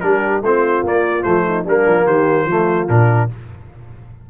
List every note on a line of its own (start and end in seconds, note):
0.00 0.42 G3
0.00 0.43 D4
0.00 0.43 G4
0.00 0.41 A#4
0.42 0.82 A3
0.42 0.85 C4
0.42 1.45 F4
0.42 0.85 C5
0.83 1.23 A#3
0.83 1.23 D5
1.23 1.65 F3
1.23 1.64 A3
1.23 1.64 C5
1.46 1.64 D#4
1.64 1.85 G3
1.64 2.49 A#3
1.64 2.05 D4
1.64 2.06 A#4
1.87 2.06 F3
2.05 2.45 D#3
2.05 2.46 G4
2.05 2.88 C5
2.45 2.86 F3
2.45 2.88 A3
2.45 3.29 F4
2.88 3.30 A#2
2.88 3.29 D4
2.88 3.29 A#4